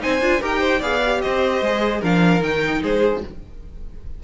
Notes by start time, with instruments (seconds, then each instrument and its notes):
0.00 cello C4, viola D#4, violin C5 G#5
0.21 cello D4, viola F4
0.41 cello D#4, viola G4, violin A#4 G5
0.60 violin C5
0.80 cello B3, viola G#4, violin D5 F5
1.05 viola G4
1.21 cello C4, violin C5 D#5
1.61 cello G#3, viola G#4
2.01 cello F3, viola D4, violin A#4 F5
2.41 cello D#3, viola D#4, violin G5
2.83 cello G#3, violin G#4 C5